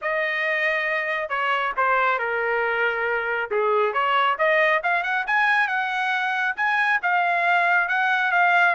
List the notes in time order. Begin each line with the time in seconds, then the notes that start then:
0.01 D#5
1.29 C#5
1.76 C5
2.18 A#4
3.51 G#4
3.93 C#5
4.38 D#5
4.83 F5
5.03 F#5
5.27 G#5
5.67 F#5
6.56 G#5
7.02 F5
7.88 F#5
8.31 F5